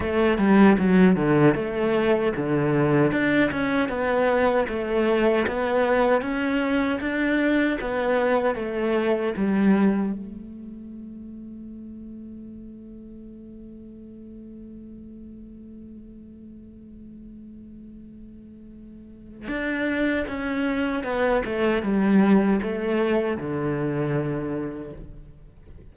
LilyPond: \new Staff \with { instrumentName = "cello" } { \time 4/4 \tempo 4 = 77 a8 g8 fis8 d8 a4 d4 | d'8 cis'8 b4 a4 b4 | cis'4 d'4 b4 a4 | g4 a2.~ |
a1~ | a1~ | a4 d'4 cis'4 b8 a8 | g4 a4 d2 | }